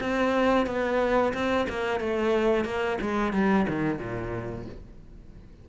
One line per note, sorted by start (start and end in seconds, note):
0.00 0.66 C4
0.66 1.33 B3
1.33 1.67 C4
1.69 2.00 A#3
2.00 2.65 A3
2.65 2.98 A#3
3.01 3.33 G#3
3.33 3.66 G3
3.68 3.99 D#3
3.99 4.65 A#2